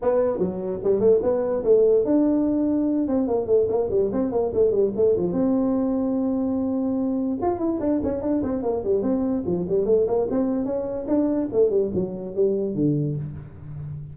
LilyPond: \new Staff \with { instrumentName = "tuba" } { \time 4/4 \tempo 4 = 146 b4 fis4 g8 a8 b4 | a4 d'2~ d'8 c'8 | ais8 a8 ais8 g8 c'8 ais8 a8 g8 | a8 f8 c'2.~ |
c'2 f'8 e'8 d'8 cis'8 | d'8 c'8 ais8 g8 c'4 f8 g8 | a8 ais8 c'4 cis'4 d'4 | a8 g8 fis4 g4 d4 | }